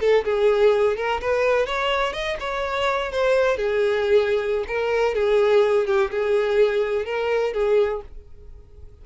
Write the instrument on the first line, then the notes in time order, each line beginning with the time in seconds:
violin
0.00 A4
0.24 G#4
0.97 A#4
1.21 B4
1.66 C#5
2.13 D#5
2.40 C#5
3.12 C5
3.57 G#4
4.67 A#4
5.15 G#4
5.87 G4
6.11 G#4
7.05 A#4
7.53 G#4